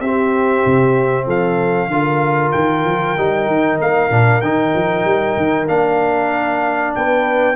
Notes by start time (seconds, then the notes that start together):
0.00 C4 G4 E5
0.66 C3
1.26 F3 A4 F5
1.88 D3 F4 A#4
2.52 D#3 G5
2.85 F3
3.17 G3 D#4
3.47 D#3
3.81 A#3 F5
4.10 A#2 D4
4.41 D#3 D#4 G5
4.75 F3
5.05 G3
5.37 D#3
5.67 A#3 D4 F5
6.95 B3 B4 G5